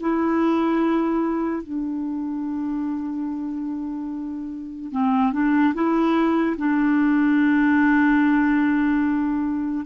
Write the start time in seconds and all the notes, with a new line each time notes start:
0.00 E4
1.63 D4
4.91 C4
5.32 D4
5.74 E4
6.57 D4